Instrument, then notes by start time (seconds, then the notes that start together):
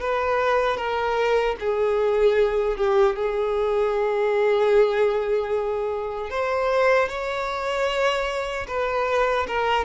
violin
0.00 B4
0.76 A#4
1.59 G#4
2.76 G4
3.15 G#4
6.30 C5
7.08 C#5
8.67 B4
9.47 A#4